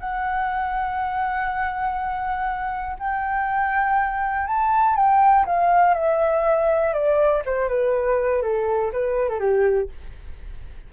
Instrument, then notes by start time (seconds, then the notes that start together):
flute
0.00 F#5
3.00 G5
4.47 A5
4.96 G5
5.46 F5
5.95 E5
6.94 D5
7.46 C5
7.69 B4
8.43 A4
8.93 B4
9.30 A4
9.40 G4